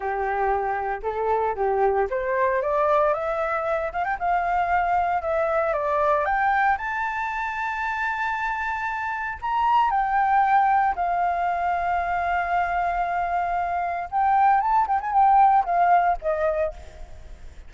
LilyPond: \new Staff \with { instrumentName = "flute" } { \time 4/4 \tempo 4 = 115 g'2 a'4 g'4 | c''4 d''4 e''4. f''16 g''16 | f''2 e''4 d''4 | g''4 a''2.~ |
a''2 ais''4 g''4~ | g''4 f''2.~ | f''2. g''4 | a''8 g''16 gis''16 g''4 f''4 dis''4 | }